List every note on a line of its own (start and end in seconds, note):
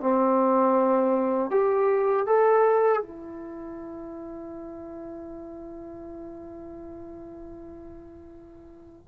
0.00 1.50 C4
1.50 2.26 G4
2.26 3.02 A4
3.02 9.08 E4